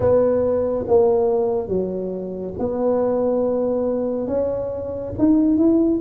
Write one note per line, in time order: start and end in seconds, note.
0.00 0.85 B3
0.87 1.68 A#3
1.68 2.53 F#3
2.58 4.27 B3
4.27 5.12 C#4
5.18 5.57 D#4
5.57 6.00 E4